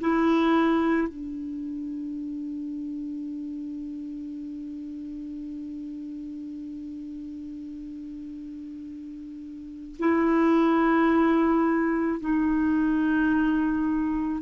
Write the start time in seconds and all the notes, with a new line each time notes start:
0.00 E4
1.08 D4
9.99 E4
12.20 D#4